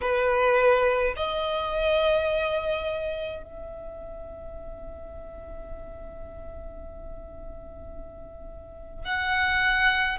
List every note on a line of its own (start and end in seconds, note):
0.01 1.14 B4
1.16 3.42 D#5
3.42 9.05 E5
9.05 10.18 F#5